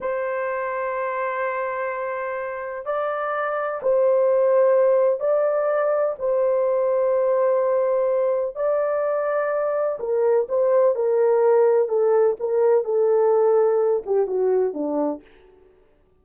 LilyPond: \new Staff \with { instrumentName = "horn" } { \time 4/4 \tempo 4 = 126 c''1~ | c''2 d''2 | c''2. d''4~ | d''4 c''2.~ |
c''2 d''2~ | d''4 ais'4 c''4 ais'4~ | ais'4 a'4 ais'4 a'4~ | a'4. g'8 fis'4 d'4 | }